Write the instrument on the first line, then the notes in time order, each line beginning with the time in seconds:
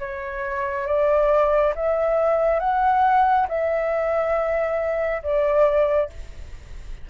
flute
0.00 C#5
0.87 D5
1.76 E5
2.60 F#5
3.49 E5
5.23 D5